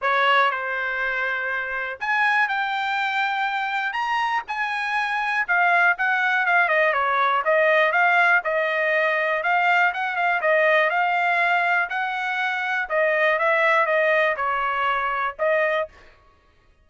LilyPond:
\new Staff \with { instrumentName = "trumpet" } { \time 4/4 \tempo 4 = 121 cis''4 c''2. | gis''4 g''2. | ais''4 gis''2 f''4 | fis''4 f''8 dis''8 cis''4 dis''4 |
f''4 dis''2 f''4 | fis''8 f''8 dis''4 f''2 | fis''2 dis''4 e''4 | dis''4 cis''2 dis''4 | }